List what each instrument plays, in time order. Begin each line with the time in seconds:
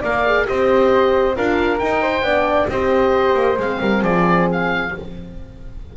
0.00 double bass A#3, horn A#4, flute D5, oboe F5
0.26 horn G#4
0.46 double bass C4, horn G4, flute C5, oboe D#5
1.36 double bass D4, horn F4, flute A#4, oboe F5
1.79 horn D#4, double bass D#4, oboe G5
2.02 flute C5
2.22 double bass B3, horn D4, flute D5
2.69 double bass C4, horn G4, flute C5, oboe D#5
3.34 double bass A#3
3.57 double bass G#3, horn C4, oboe F5
3.81 double bass G3, flute A#4
4.02 double bass F3, flute G#4, oboe D5
4.52 oboe F5